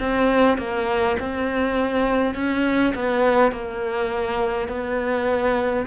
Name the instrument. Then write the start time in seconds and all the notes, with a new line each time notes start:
cello
0.00 C4
0.58 A#3
1.20 C4
2.35 C#4
2.95 B3
3.52 A#3
4.68 B3